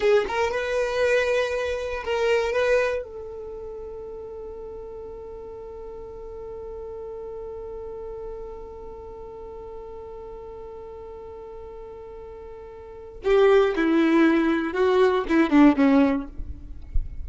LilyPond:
\new Staff \with { instrumentName = "violin" } { \time 4/4 \tempo 4 = 118 gis'8 ais'8 b'2. | ais'4 b'4 a'2~ | a'1~ | a'1~ |
a'1~ | a'1~ | a'2 g'4 e'4~ | e'4 fis'4 e'8 d'8 cis'4 | }